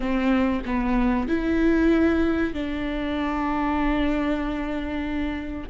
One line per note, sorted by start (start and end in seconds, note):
0.00 0.62 C4
0.65 1.27 B3
1.27 2.53 E4
2.53 5.69 D4